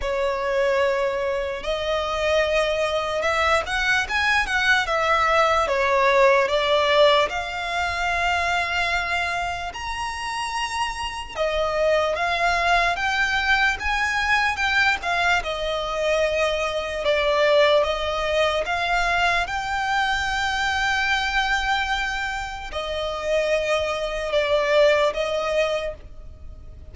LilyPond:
\new Staff \with { instrumentName = "violin" } { \time 4/4 \tempo 4 = 74 cis''2 dis''2 | e''8 fis''8 gis''8 fis''8 e''4 cis''4 | d''4 f''2. | ais''2 dis''4 f''4 |
g''4 gis''4 g''8 f''8 dis''4~ | dis''4 d''4 dis''4 f''4 | g''1 | dis''2 d''4 dis''4 | }